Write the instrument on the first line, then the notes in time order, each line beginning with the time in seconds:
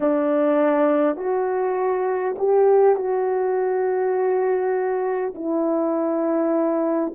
horn
0.00 D4
1.16 F#4
2.38 G4
2.96 F#4
5.34 E4